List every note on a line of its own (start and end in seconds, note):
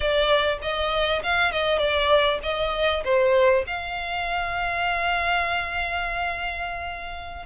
0.00 0.58 D5
0.61 1.22 D#5
1.23 1.52 F5
1.52 1.78 D#5
1.78 2.39 D5
2.42 3.03 D#5
3.04 3.64 C5
3.66 7.45 F5